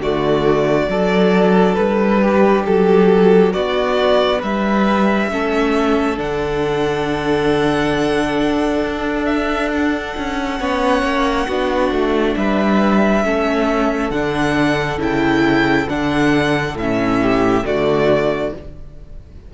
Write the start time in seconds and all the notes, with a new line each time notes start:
0.00 D3 A3 F#4 D5
0.88 F#3 D4 A4
1.75 G3 B4
2.22 G4
2.66 F#3 A4
3.53 B3 F#4 D5
4.39 G3 B4 E5
5.31 A3 C#4 A4
6.17 D3 D4 F#5
8.83 D4
9.26 E5
9.74 F#5
10.18 C#4
10.60 B3 C#4 C#5
11.03 A#3
11.48 B3 D4 F#4
11.92 A3
12.36 G3 B4 E5
13.24 A3 C#4 A4
14.11 D3 D4 F#5
14.98 C#3 E4 G5
15.89 D3 D4 F#5
16.75 A2 E5
16.81 C#4
17.21 G4
17.64 D3 A3 F#4 D5